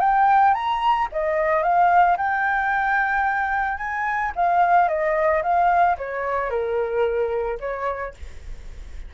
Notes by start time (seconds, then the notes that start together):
0.00 G5
0.54 A#5
1.12 D#5
1.63 F5
2.17 G5
3.78 G#5
4.36 F5
4.88 D#5
5.43 F5
5.98 C#5
6.50 A#4
7.60 C#5